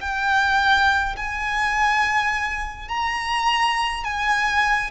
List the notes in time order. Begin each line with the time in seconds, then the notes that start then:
0.00 G5
1.16 G#5
2.88 A#5
4.04 G#5